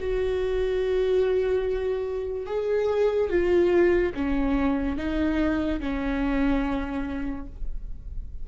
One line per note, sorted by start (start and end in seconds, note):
0.00 2.46 F#4
2.46 3.30 G#4
3.30 4.13 F4
4.14 4.97 C#4
4.97 5.80 D#4
5.80 7.47 C#4